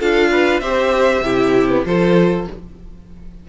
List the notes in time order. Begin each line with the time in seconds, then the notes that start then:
0.00 D4 F4 A4 F5
0.31 B4
0.60 C4 G4 C5 E5
1.21 C3 E4 G4
1.70 B3
1.86 F3 F4 A4 C5